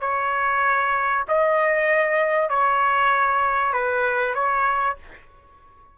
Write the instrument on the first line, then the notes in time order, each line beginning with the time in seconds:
trumpet
0.00 C#5
1.28 D#5
2.49 C#5
3.73 B4
4.35 C#5